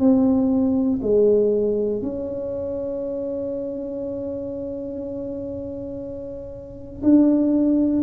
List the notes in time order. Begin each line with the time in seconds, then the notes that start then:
0.00 C4
1.02 G#3
2.02 C#4
7.03 D4